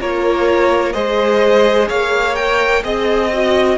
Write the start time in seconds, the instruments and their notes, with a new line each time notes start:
0.00 cello A#3, viola F4, violin A#4 C#5
0.92 cello G#3, viola G#4, violin C5 D#5
1.88 cello A#3, violin C#5 F5
2.35 viola A#4, violin G5
2.82 cello C4, viola G#4, violin D#5
3.33 viola F#4